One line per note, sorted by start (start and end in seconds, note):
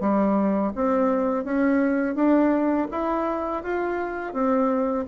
0.00 0.72 G3
0.75 1.44 C4
1.44 2.15 C#4
2.15 2.87 D4
2.91 3.63 E4
3.63 4.33 F4
4.33 5.05 C4